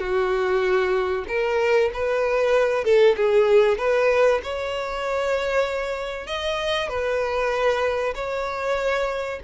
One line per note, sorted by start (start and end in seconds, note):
0.00 1.25 F#4
1.28 1.91 A#4
1.94 2.85 B4
2.85 3.16 A4
3.16 3.78 G#4
3.78 4.41 B4
4.43 6.27 C#5
6.27 6.89 D#5
6.89 8.14 B4
8.15 9.40 C#5